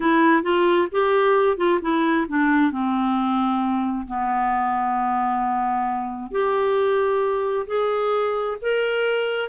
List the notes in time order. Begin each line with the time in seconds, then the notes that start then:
0.00 E4
0.42 F4
0.91 G4
1.57 F4
1.81 E4
2.27 D4
2.71 C4
4.07 B3
6.31 G4
7.67 G#4
8.61 A#4